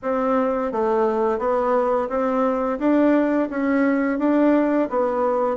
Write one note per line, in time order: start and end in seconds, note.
0.02 0.72 C4
0.72 1.38 A3
1.38 2.08 B3
2.09 2.78 C4
2.79 3.49 D4
3.49 4.19 C#4
4.19 4.88 D4
4.89 5.56 B3